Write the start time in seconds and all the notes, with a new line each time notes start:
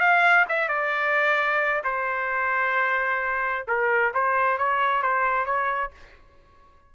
0.00 F5
0.49 E5
0.69 D5
1.84 C5
3.68 A#4
4.14 C5
4.58 C#5
5.03 C5
5.46 C#5